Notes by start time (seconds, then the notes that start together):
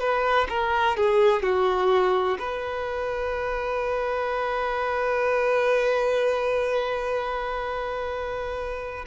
0.00 B4
0.49 A#4
0.97 G#4
1.42 F#4
2.39 B4